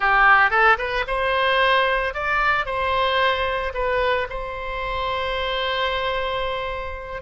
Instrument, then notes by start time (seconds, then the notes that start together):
oboe
0.00 G4
0.50 A4
0.78 B4
1.07 C5
2.14 D5
2.65 C5
3.74 B4
4.29 C5